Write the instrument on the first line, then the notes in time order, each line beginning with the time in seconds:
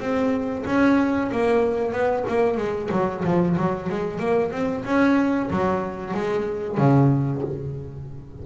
double bass
0.00 C4
0.66 C#4
1.31 A#3
1.92 B3
2.28 A#3
2.57 G#3
2.91 F#3
3.24 F3
3.57 F#3
3.90 G#3
4.19 A#3
4.52 C4
4.85 C#4
5.50 F#3
6.14 G#3
6.77 C#3